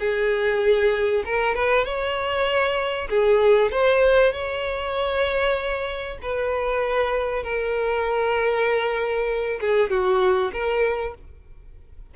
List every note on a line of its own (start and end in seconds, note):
0.00 1.24 G#4
1.25 1.55 A#4
1.55 1.85 B4
1.85 3.08 C#5
3.10 3.72 G#4
3.72 4.32 C5
4.32 6.18 C#5
6.22 7.43 B4
7.43 9.60 A#4
9.61 9.90 G#4
9.90 10.52 F#4
10.53 11.15 A#4